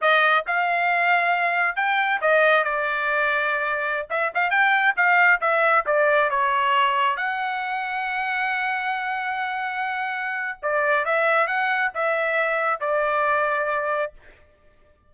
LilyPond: \new Staff \with { instrumentName = "trumpet" } { \time 4/4 \tempo 4 = 136 dis''4 f''2. | g''4 dis''4 d''2~ | d''4~ d''16 e''8 f''8 g''4 f''8.~ | f''16 e''4 d''4 cis''4.~ cis''16~ |
cis''16 fis''2.~ fis''8.~ | fis''1 | d''4 e''4 fis''4 e''4~ | e''4 d''2. | }